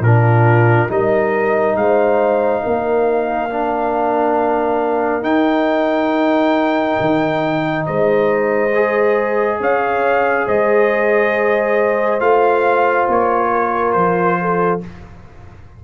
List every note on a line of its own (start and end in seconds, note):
0.00 0.87 A#2
0.00 0.88 D4
0.00 0.90 F4
0.00 0.90 A#4
0.88 1.75 G3
0.88 3.49 D#4
0.88 1.77 A#4
0.88 1.77 D#5
1.75 2.62 G#3
1.75 2.63 C5
1.75 5.24 F5
2.63 5.23 A#3
2.63 7.85 A#4
3.50 5.22 D4
5.22 8.70 D#4
5.22 6.97 D#4
5.22 7.85 G5
7.00 7.87 D#3
7.86 9.60 G#3
7.86 9.60 C5
7.86 9.60 D#5
8.75 12.20 G#4
9.60 10.47 C#4
9.60 10.46 C#5
9.60 10.48 F5
10.46 12.20 G#3
10.46 13.51 C5
10.46 12.21 D#5
12.20 13.07 A3
12.20 14.81 F4
12.20 13.08 F5
13.08 13.95 A#3
13.08 13.93 C#5
13.52 14.39 A#4
13.93 14.82 F3
13.93 14.80 C5
14.41 14.84 A4